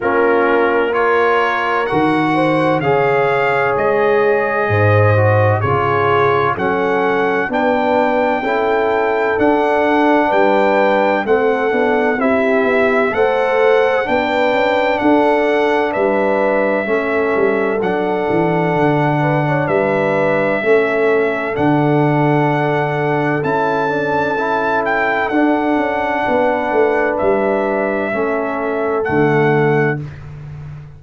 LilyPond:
<<
  \new Staff \with { instrumentName = "trumpet" } { \time 4/4 \tempo 4 = 64 ais'4 cis''4 fis''4 f''4 | dis''2 cis''4 fis''4 | g''2 fis''4 g''4 | fis''4 e''4 fis''4 g''4 |
fis''4 e''2 fis''4~ | fis''4 e''2 fis''4~ | fis''4 a''4. g''8 fis''4~ | fis''4 e''2 fis''4 | }
  \new Staff \with { instrumentName = "horn" } { \time 4/4 f'4 ais'4. c''8 cis''4~ | cis''4 c''4 gis'4 a'4 | b'4 a'2 b'4 | a'4 g'4 c''4 b'4 |
a'4 b'4 a'2~ | a'8 b'16 cis''16 b'4 a'2~ | a'1 | b'2 a'2 | }
  \new Staff \with { instrumentName = "trombone" } { \time 4/4 cis'4 f'4 fis'4 gis'4~ | gis'4. fis'8 f'4 cis'4 | d'4 e'4 d'2 | c'8 d'8 e'4 a'4 d'4~ |
d'2 cis'4 d'4~ | d'2 cis'4 d'4~ | d'4 e'8 d'8 e'4 d'4~ | d'2 cis'4 a4 | }
  \new Staff \with { instrumentName = "tuba" } { \time 4/4 ais2 dis4 cis4 | gis4 gis,4 cis4 fis4 | b4 cis'4 d'4 g4 | a8 b8 c'8 b8 a4 b8 cis'8 |
d'4 g4 a8 g8 fis8 e8 | d4 g4 a4 d4~ | d4 cis'2 d'8 cis'8 | b8 a8 g4 a4 d4 | }
>>